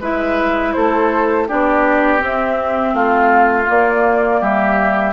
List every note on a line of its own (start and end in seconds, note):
0.00 0.73 G#3
0.00 1.48 E4
0.00 0.73 B4
0.00 0.73 E5
0.73 1.49 A3
0.73 1.48 A4
0.73 1.46 C5
1.48 2.21 B3
1.48 2.18 D4
1.48 2.94 G4
1.48 2.22 D5
2.18 3.64 C4
2.18 2.93 C4
2.24 2.95 E5
2.93 3.66 A3
2.93 4.40 F4
2.93 3.68 F5
3.67 5.13 A#3
3.67 4.41 A#3
3.67 4.43 D5
4.40 5.13 G3
4.40 5.13 G4
4.40 5.13 E5